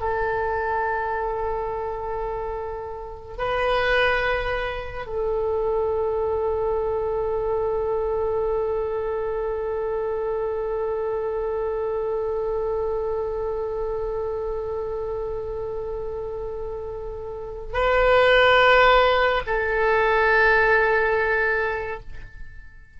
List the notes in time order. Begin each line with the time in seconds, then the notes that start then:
0.00 A4
3.37 B4
5.06 A4
17.73 B4
19.46 A4